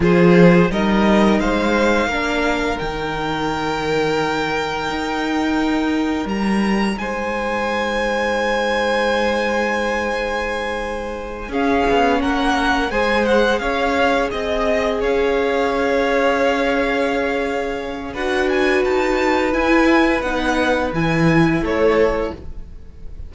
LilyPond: <<
  \new Staff \with { instrumentName = "violin" } { \time 4/4 \tempo 4 = 86 c''4 dis''4 f''2 | g''1~ | g''4 ais''4 gis''2~ | gis''1~ |
gis''8 f''4 fis''4 gis''8 fis''8 f''8~ | f''8 dis''4 f''2~ f''8~ | f''2 fis''8 gis''8 a''4 | gis''4 fis''4 gis''4 cis''4 | }
  \new Staff \with { instrumentName = "violin" } { \time 4/4 gis'4 ais'4 c''4 ais'4~ | ais'1~ | ais'2 c''2~ | c''1~ |
c''8 gis'4 ais'4 c''4 cis''8~ | cis''8 dis''4 cis''2~ cis''8~ | cis''2 b'2~ | b'2. a'4 | }
  \new Staff \with { instrumentName = "viola" } { \time 4/4 f'4 dis'2 d'4 | dis'1~ | dis'1~ | dis'1~ |
dis'8 cis'2 gis'4.~ | gis'1~ | gis'2 fis'2 | e'4 dis'4 e'2 | }
  \new Staff \with { instrumentName = "cello" } { \time 4/4 f4 g4 gis4 ais4 | dis2. dis'4~ | dis'4 g4 gis2~ | gis1~ |
gis8 cis'8 b8 ais4 gis4 cis'8~ | cis'8 c'4 cis'2~ cis'8~ | cis'2 d'4 dis'4 | e'4 b4 e4 a4 | }
>>